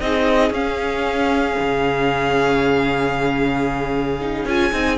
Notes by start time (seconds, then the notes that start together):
0.00 C4 D#4 G#4 D#5
0.50 C#4 F5
1.59 C#3
4.20 D#4
4.45 C#4 F4 G#5
4.72 C4 D#4